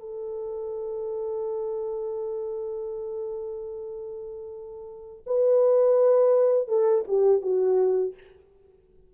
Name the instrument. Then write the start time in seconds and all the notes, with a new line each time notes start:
horn
0.00 A4
5.26 B4
6.68 A4
7.08 G4
7.41 F#4